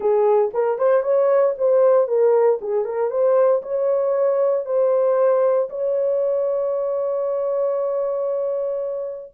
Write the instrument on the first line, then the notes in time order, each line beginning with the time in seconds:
horn
0.00 G#4
0.53 A#4
0.78 C5
1.03 C#5
1.58 C5
2.07 A#4
2.61 G#4
2.84 A#4
3.10 C5
3.62 C#5
4.65 C5
5.69 C#5